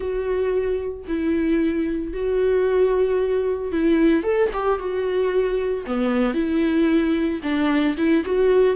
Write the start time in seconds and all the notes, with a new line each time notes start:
0.00 F#4
1.07 E4
2.13 F#4
3.72 E4
4.23 A4
4.53 G4
4.78 F#4
5.86 B3
6.34 E4
7.42 D4
7.97 E4
8.25 F#4